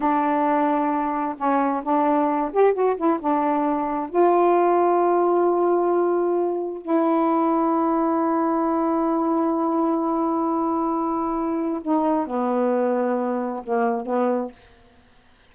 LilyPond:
\new Staff \with { instrumentName = "saxophone" } { \time 4/4 \tempo 4 = 132 d'2. cis'4 | d'4. g'8 fis'8 e'8 d'4~ | d'4 f'2.~ | f'2. e'4~ |
e'1~ | e'1~ | e'2 dis'4 b4~ | b2 ais4 b4 | }